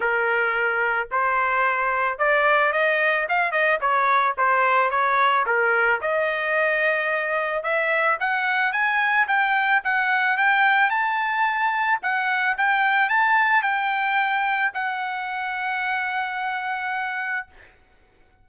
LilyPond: \new Staff \with { instrumentName = "trumpet" } { \time 4/4 \tempo 4 = 110 ais'2 c''2 | d''4 dis''4 f''8 dis''8 cis''4 | c''4 cis''4 ais'4 dis''4~ | dis''2 e''4 fis''4 |
gis''4 g''4 fis''4 g''4 | a''2 fis''4 g''4 | a''4 g''2 fis''4~ | fis''1 | }